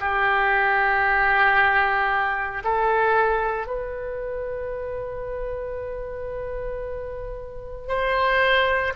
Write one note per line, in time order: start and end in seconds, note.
0.00 2.63 G4
2.64 3.67 A4
3.67 7.88 B4
7.88 8.93 C5